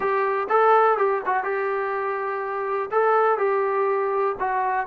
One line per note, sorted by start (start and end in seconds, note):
0.00 0.47 G4
0.49 0.97 A4
0.97 1.22 G4
1.25 1.43 F#4
1.43 2.89 G4
2.91 3.37 A4
3.37 4.35 G4
4.39 4.86 F#4